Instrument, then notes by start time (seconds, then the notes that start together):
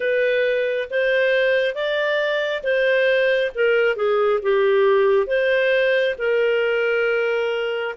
clarinet
0.00 B4
0.90 C5
1.74 D5
2.63 C5
3.55 A#4
3.95 G#4
4.42 G4
5.27 C5
6.18 A#4